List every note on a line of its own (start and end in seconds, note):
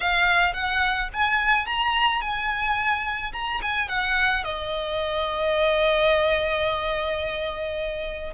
0.00 0.53 F5
0.53 1.09 F#5
1.13 1.66 G#5
1.66 2.21 A#5
2.21 3.32 G#5
3.33 3.60 A#5
3.62 3.88 G#5
3.88 4.44 F#5
4.44 8.33 D#5